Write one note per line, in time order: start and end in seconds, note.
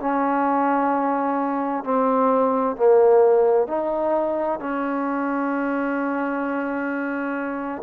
0.00 1.84 C#4
1.84 2.77 C4
2.77 3.68 A#3
3.68 4.59 D#4
4.59 7.83 C#4